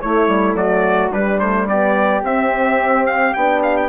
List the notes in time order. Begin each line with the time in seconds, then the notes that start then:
0.00 A3 E4 C#5
0.28 G3
0.55 F#3 F#4 D5
1.12 G3 D4 B4
1.39 A3 C5
1.68 B3 G4 D5
2.22 C4 E5
3.06 F5
3.34 B3 D4 G5
3.63 F5
3.77 G5